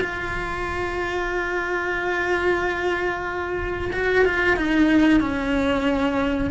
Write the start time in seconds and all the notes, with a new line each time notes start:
0.00 F4
3.92 F#4
4.25 F4
4.56 D#4
5.20 C#4